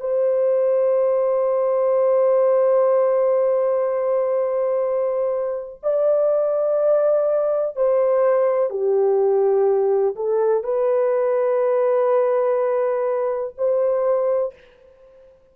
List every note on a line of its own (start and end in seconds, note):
0.00 5.81 C5
5.83 7.76 D5
7.76 8.70 C5
8.70 10.15 G4
10.16 10.64 A4
10.64 13.54 B4
13.57 14.54 C5